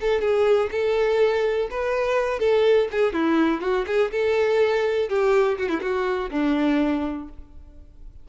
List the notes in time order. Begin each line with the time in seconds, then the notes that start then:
0.00 A4
0.21 G#4
0.71 A4
1.70 B4
2.39 A4
2.91 G#4
3.12 E4
3.61 F#4
3.86 G#4
4.11 A4
5.08 G4
5.58 F#4
5.68 E4
5.81 F#4
6.31 D4